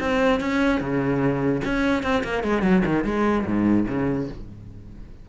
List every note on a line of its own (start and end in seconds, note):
0.00 0.40 C4
0.40 0.81 C#4
0.81 1.62 C#3
1.65 2.03 C#4
2.03 2.23 C4
2.24 2.44 A#3
2.44 2.62 G#3
2.62 2.83 F#3
2.86 3.05 D#3
3.05 3.45 G#3
3.46 3.87 G#2
3.88 4.29 C#3